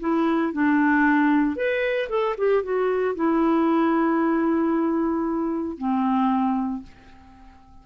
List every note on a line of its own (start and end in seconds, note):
0.00 0.53 E4
0.53 1.56 D4
1.56 2.08 B4
2.09 2.35 A4
2.38 2.63 G4
2.63 3.15 F#4
3.15 5.78 E4
5.78 6.83 C4